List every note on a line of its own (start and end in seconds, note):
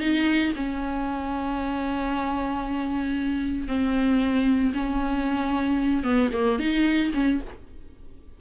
0.00 0.53 D#4
0.56 3.67 C#4
3.67 4.73 C4
4.74 6.03 C#4
6.03 6.30 B3
6.33 6.59 A#3
6.59 7.12 D#4
7.14 7.40 C#4